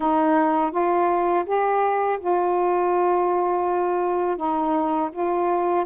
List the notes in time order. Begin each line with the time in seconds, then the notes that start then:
0.00 D#4
0.71 F4
1.45 G4
2.20 F4
4.36 D#4
5.12 F4